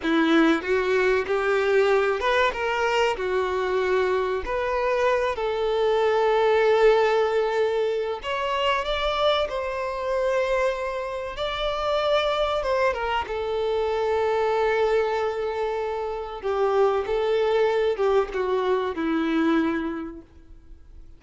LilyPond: \new Staff \with { instrumentName = "violin" } { \time 4/4 \tempo 4 = 95 e'4 fis'4 g'4. b'8 | ais'4 fis'2 b'4~ | b'8 a'2.~ a'8~ | a'4 cis''4 d''4 c''4~ |
c''2 d''2 | c''8 ais'8 a'2.~ | a'2 g'4 a'4~ | a'8 g'8 fis'4 e'2 | }